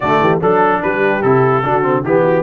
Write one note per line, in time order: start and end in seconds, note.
0.00 0.20 D3
0.00 0.40 A3
0.00 0.20 F#4
0.00 0.39 D5
0.20 0.40 E3
0.20 0.41 G4
0.40 0.82 F#3
0.40 1.22 D4
0.40 0.82 A4
0.82 1.23 G3
0.82 1.64 G4
0.82 1.21 B4
1.21 1.63 C3
1.21 1.63 E4
1.21 2.03 A4
1.63 2.04 D3
1.63 1.82 D4
1.63 2.02 F#4
1.82 2.03 C4
2.02 2.42 E3
2.02 2.42 B3
2.02 2.23 G4
2.02 2.42 G4
2.25 2.42 F#4